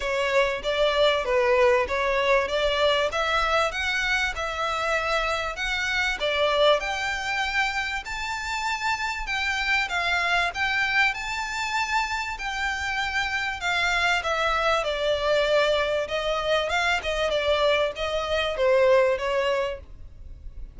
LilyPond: \new Staff \with { instrumentName = "violin" } { \time 4/4 \tempo 4 = 97 cis''4 d''4 b'4 cis''4 | d''4 e''4 fis''4 e''4~ | e''4 fis''4 d''4 g''4~ | g''4 a''2 g''4 |
f''4 g''4 a''2 | g''2 f''4 e''4 | d''2 dis''4 f''8 dis''8 | d''4 dis''4 c''4 cis''4 | }